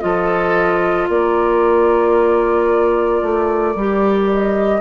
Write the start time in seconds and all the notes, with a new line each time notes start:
0.00 F3 F4 A4 D#5
1.08 A#3 A#4 D5
3.22 A3
3.75 G3 G4
4.33 D#5